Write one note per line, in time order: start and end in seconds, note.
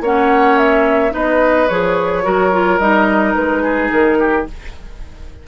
0.00 1.11 A#3
0.00 1.11 C#4
0.00 1.13 C#5
0.00 0.57 F#5
0.57 1.13 E5
1.11 1.69 B3
1.11 1.66 D#4
1.11 2.24 B4
1.11 1.68 D#5
1.68 2.25 F3
1.68 2.23 G#4
1.68 2.78 C#5
2.23 2.79 F#3
2.23 2.51 F#4
2.23 3.62 A#4
2.52 2.80 F4
2.78 3.34 G3
2.78 4.47 D#4
2.78 3.34 D#5
3.34 3.91 G#3
3.34 3.89 B4
3.62 4.18 G#4
3.91 4.46 D#3
3.91 4.46 A#4
4.19 4.47 G4